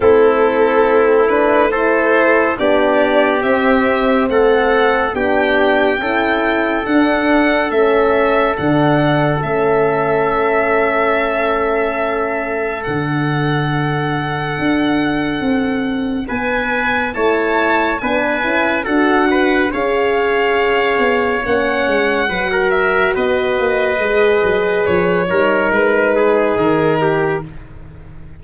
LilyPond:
<<
  \new Staff \with { instrumentName = "violin" } { \time 4/4 \tempo 4 = 70 a'4. b'8 c''4 d''4 | e''4 fis''4 g''2 | fis''4 e''4 fis''4 e''4~ | e''2. fis''4~ |
fis''2. gis''4 | a''4 gis''4 fis''4 f''4~ | f''4 fis''4. e''8 dis''4~ | dis''4 cis''4 b'4 ais'4 | }
  \new Staff \with { instrumentName = "trumpet" } { \time 4/4 e'2 a'4 g'4~ | g'4 a'4 g'4 a'4~ | a'1~ | a'1~ |
a'2. b'4 | cis''4 b'4 a'8 b'8 cis''4~ | cis''2 b'16 ais'8. b'4~ | b'4. ais'4 gis'4 g'8 | }
  \new Staff \with { instrumentName = "horn" } { \time 4/4 c'4. d'8 e'4 d'4 | c'2 d'4 e'4 | d'4 cis'4 d'4 cis'4~ | cis'2. d'4~ |
d'1 | e'4 d'8 e'8 fis'4 gis'4~ | gis'4 cis'4 fis'2 | gis'4. dis'2~ dis'8 | }
  \new Staff \with { instrumentName = "tuba" } { \time 4/4 a2. b4 | c'4 a4 b4 cis'4 | d'4 a4 d4 a4~ | a2. d4~ |
d4 d'4 c'4 b4 | a4 b8 cis'8 d'4 cis'4~ | cis'8 b8 ais8 gis8 fis4 b8 ais8 | gis8 fis8 f8 g8 gis4 dis4 | }
>>